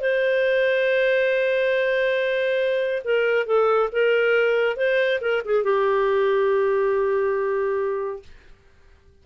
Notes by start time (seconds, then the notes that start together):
0.00 C5
3.04 A#4
3.46 A4
3.92 A#4
4.76 C5
5.20 A#4
5.45 G#4
5.63 G4